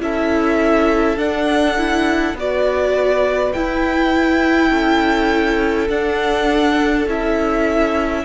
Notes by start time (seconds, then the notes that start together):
0.00 C#4 E4 A4 E5
1.17 D4 F#5
1.77 E4
2.34 B3 F#4 B4 D5
3.53 E4 G5
4.69 C#4 A4
5.89 D4 F#5
7.06 C#4 E4 E5